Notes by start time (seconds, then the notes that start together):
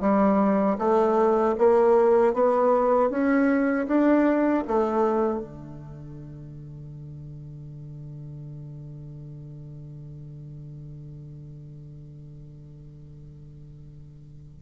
0.00 G3
0.78 A3
1.58 A#3
2.33 B3
3.10 C#4
3.87 D4
4.67 A3
5.40 D3